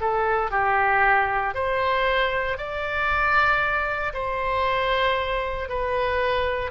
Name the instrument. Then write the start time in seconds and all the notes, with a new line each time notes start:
oboe
0.00 A4
0.51 G4
1.54 C5
2.57 D5
4.13 C5
5.68 B4